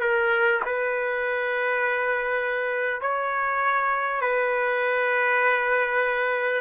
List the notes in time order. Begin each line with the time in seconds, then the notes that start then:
0.00 A#4
0.65 B4
3.01 C#5
4.21 B4